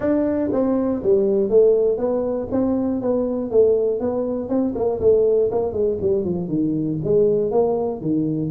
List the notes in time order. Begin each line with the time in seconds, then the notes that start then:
0.00 D4
0.52 C4
1.02 G3
1.49 A3
1.97 B3
2.51 C4
3.01 B3
3.50 A3
4.00 B3
4.48 C4
4.75 A#3
5.00 A3
5.51 A#3
5.72 G#3
6.01 G3
6.24 F3
6.48 D#3
7.03 G#3
7.51 A#3
8.01 D#3